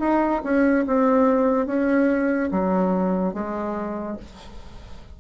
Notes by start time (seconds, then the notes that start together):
0.00 D#4
0.44 C#4
0.87 C4
1.67 C#4
2.52 F#3
3.34 G#3